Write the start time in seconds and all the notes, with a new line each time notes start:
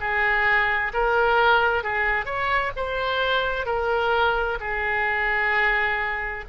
0.00 G#4
0.93 A#4
1.83 G#4
2.25 C#5
2.76 C5
3.65 A#4
4.60 G#4